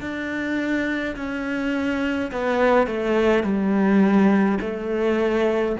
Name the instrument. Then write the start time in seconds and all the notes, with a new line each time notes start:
cello
0.00 D4
1.16 C#4
2.31 B3
2.86 A3
3.43 G3
4.60 A3